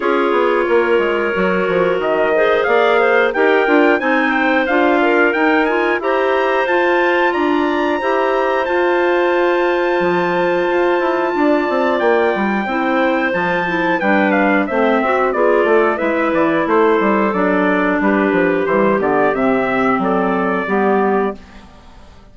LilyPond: <<
  \new Staff \with { instrumentName = "trumpet" } { \time 4/4 \tempo 4 = 90 cis''2. dis''4 | f''4 g''4 gis''8 g''8 f''4 | g''8 gis''8 ais''4 a''4 ais''4~ | ais''4 a''2.~ |
a''2 g''2 | a''4 g''8 f''8 e''4 d''4 | e''8 d''8 c''4 d''4 b'4 | c''8 d''8 e''4 d''2 | }
  \new Staff \with { instrumentName = "clarinet" } { \time 4/4 gis'4 ais'2~ ais'8 c''8 | d''8 c''8 ais'4 c''4. ais'8~ | ais'4 c''2 d''4 | c''1~ |
c''4 d''2 c''4~ | c''4 b'4 c''8 fis'8 gis'8 a'8 | b'4 a'2 g'4~ | g'2 a'4 g'4 | }
  \new Staff \with { instrumentName = "clarinet" } { \time 4/4 f'2 fis'4. gis'8~ | gis'4 g'8 f'8 dis'4 f'4 | dis'8 f'8 g'4 f'2 | g'4 f'2.~ |
f'2. e'4 | f'8 e'8 d'4 c'4 f'4 | e'2 d'2 | g8 b8 c'2 b4 | }
  \new Staff \with { instrumentName = "bassoon" } { \time 4/4 cis'8 b8 ais8 gis8 fis8 f8 dis4 | ais4 dis'8 d'8 c'4 d'4 | dis'4 e'4 f'4 d'4 | e'4 f'2 f4 |
f'8 e'8 d'8 c'8 ais8 g8 c'4 | f4 g4 a8 c'8 b8 a8 | gis8 e8 a8 g8 fis4 g8 f8 | e8 d8 c4 fis4 g4 | }
>>